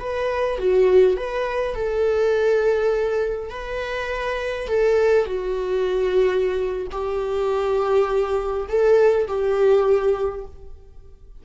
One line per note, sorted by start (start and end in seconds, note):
0.00 0.59 B4
0.59 1.17 F#4
1.17 1.75 B4
1.75 3.50 A4
3.50 4.68 B4
4.68 5.25 A4
5.25 6.87 F#4
6.92 8.68 G4
8.69 9.28 A4
9.28 10.46 G4